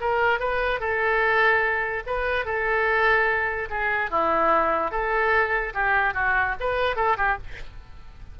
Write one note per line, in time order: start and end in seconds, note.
0.00 0.39 A#4
0.39 0.80 B4
0.80 2.03 A4
2.06 2.45 B4
2.45 3.68 A4
3.70 4.10 G#4
4.10 4.91 E4
4.91 5.73 A4
5.74 6.14 G4
6.14 6.55 F#4
6.60 6.96 B4
6.96 7.16 A4
7.17 7.37 G4